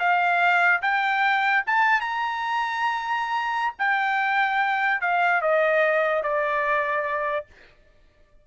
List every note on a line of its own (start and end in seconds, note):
0.00 0.82 F5
0.82 1.64 G5
1.67 2.01 A5
2.01 3.75 A#5
3.79 5.01 G5
5.01 5.42 F5
5.42 6.24 D#5
6.24 7.46 D5